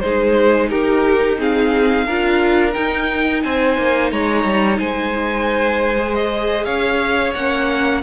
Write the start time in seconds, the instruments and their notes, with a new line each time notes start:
0.00 cello G#3, viola D#4, violin G#4 C5
0.70 cello D#4, violin G4 A#4
1.39 viola C4, violin G#4 F5
2.07 cello D4, viola F4, violin A#4
2.73 viola D#4, cello D#4, violin G5
3.43 cello C4, violin C5 G#5
3.78 cello A#3
4.11 cello G#3, violin C#5 A#5
4.44 cello G3
4.79 cello G#3, violin C5 G#5
5.98 viola G#4
6.15 violin D#5
6.65 cello C#4, violin C#5 F5
7.34 cello A#3, viola C#4, violin F#5